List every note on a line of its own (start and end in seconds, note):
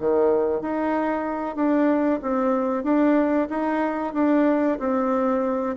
0.00 0.62 D#3
0.62 1.56 D#4
1.56 2.20 D4
2.22 2.84 C4
2.84 3.48 D4
3.50 4.14 D#4
4.14 4.79 D4
4.79 5.76 C4